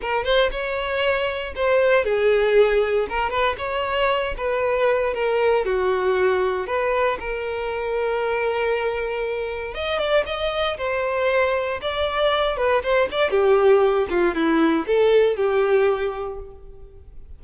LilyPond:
\new Staff \with { instrumentName = "violin" } { \time 4/4 \tempo 4 = 117 ais'8 c''8 cis''2 c''4 | gis'2 ais'8 b'8 cis''4~ | cis''8 b'4. ais'4 fis'4~ | fis'4 b'4 ais'2~ |
ais'2. dis''8 d''8 | dis''4 c''2 d''4~ | d''8 b'8 c''8 d''8 g'4. f'8 | e'4 a'4 g'2 | }